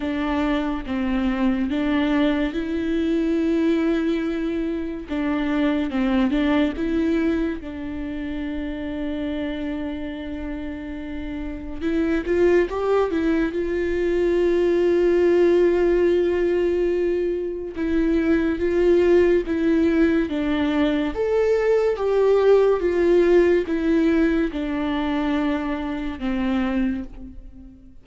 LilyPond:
\new Staff \with { instrumentName = "viola" } { \time 4/4 \tempo 4 = 71 d'4 c'4 d'4 e'4~ | e'2 d'4 c'8 d'8 | e'4 d'2.~ | d'2 e'8 f'8 g'8 e'8 |
f'1~ | f'4 e'4 f'4 e'4 | d'4 a'4 g'4 f'4 | e'4 d'2 c'4 | }